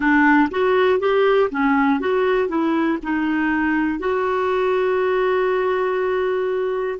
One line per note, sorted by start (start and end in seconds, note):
0.00 0.48 D4
0.50 1.00 F#4
1.00 1.50 G4
1.50 2.00 C#4
2.00 2.48 F#4
2.48 2.98 E4
3.03 3.99 D#4
3.99 6.99 F#4